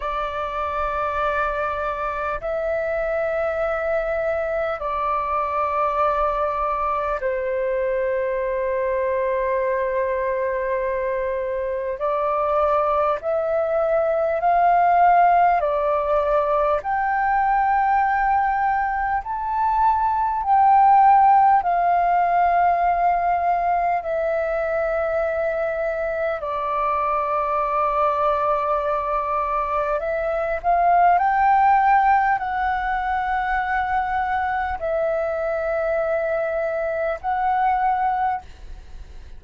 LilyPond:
\new Staff \with { instrumentName = "flute" } { \time 4/4 \tempo 4 = 50 d''2 e''2 | d''2 c''2~ | c''2 d''4 e''4 | f''4 d''4 g''2 |
a''4 g''4 f''2 | e''2 d''2~ | d''4 e''8 f''8 g''4 fis''4~ | fis''4 e''2 fis''4 | }